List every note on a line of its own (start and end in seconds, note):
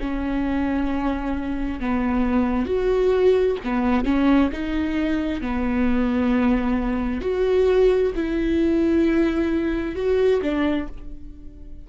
0.00 1.81 C#4
1.81 2.66 B3
2.66 3.57 F#4
3.64 4.05 B3
4.05 4.51 C#4
4.52 5.42 D#4
5.42 7.22 B3
7.22 8.13 F#4
8.16 9.96 E4
9.96 10.41 F#4
10.43 10.88 D4